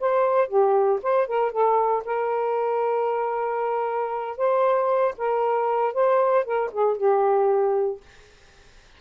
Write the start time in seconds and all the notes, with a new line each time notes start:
0.00 C5
0.48 G4
1.03 C5
1.27 A#4
1.51 A4
2.05 A#4
4.37 C5
5.18 A#4
5.93 C5
6.45 A#4
6.72 G#4
6.97 G4